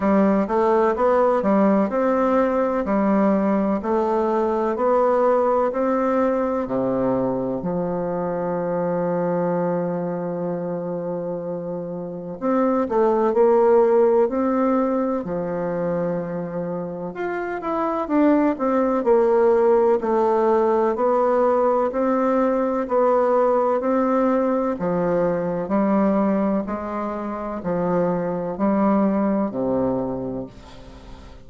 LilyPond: \new Staff \with { instrumentName = "bassoon" } { \time 4/4 \tempo 4 = 63 g8 a8 b8 g8 c'4 g4 | a4 b4 c'4 c4 | f1~ | f4 c'8 a8 ais4 c'4 |
f2 f'8 e'8 d'8 c'8 | ais4 a4 b4 c'4 | b4 c'4 f4 g4 | gis4 f4 g4 c4 | }